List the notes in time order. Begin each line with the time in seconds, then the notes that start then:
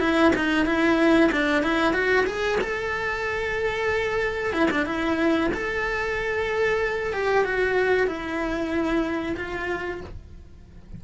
0.00 E4
0.36 D#4
0.66 E4
1.32 D4
1.63 E4
1.94 F#4
2.26 G#4
2.61 A4
4.53 E4
4.71 D4
4.86 E4
5.54 A4
7.13 G4
7.45 F#4
8.07 E4
9.37 F4